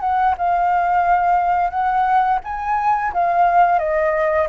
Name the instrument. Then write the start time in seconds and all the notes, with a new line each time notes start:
flute
0.00 F#5
0.37 F5
1.70 F#5
2.44 G#5
3.13 F5
3.78 D#5